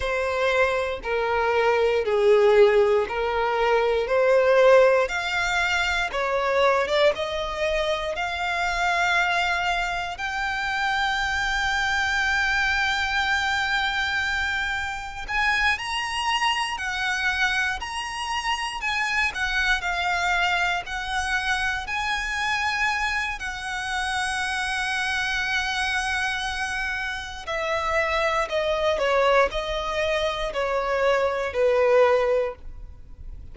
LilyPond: \new Staff \with { instrumentName = "violin" } { \time 4/4 \tempo 4 = 59 c''4 ais'4 gis'4 ais'4 | c''4 f''4 cis''8. d''16 dis''4 | f''2 g''2~ | g''2. gis''8 ais''8~ |
ais''8 fis''4 ais''4 gis''8 fis''8 f''8~ | f''8 fis''4 gis''4. fis''4~ | fis''2. e''4 | dis''8 cis''8 dis''4 cis''4 b'4 | }